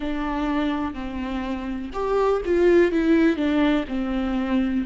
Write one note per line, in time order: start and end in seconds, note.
0.00 0.94 D4
0.94 1.90 C4
1.93 2.41 G4
2.45 2.91 F4
2.91 3.36 E4
3.36 3.84 D4
3.88 4.84 C4